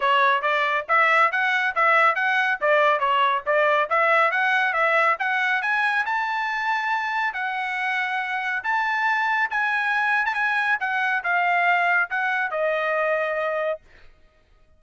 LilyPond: \new Staff \with { instrumentName = "trumpet" } { \time 4/4 \tempo 4 = 139 cis''4 d''4 e''4 fis''4 | e''4 fis''4 d''4 cis''4 | d''4 e''4 fis''4 e''4 | fis''4 gis''4 a''2~ |
a''4 fis''2. | a''2 gis''4.~ gis''16 a''16 | gis''4 fis''4 f''2 | fis''4 dis''2. | }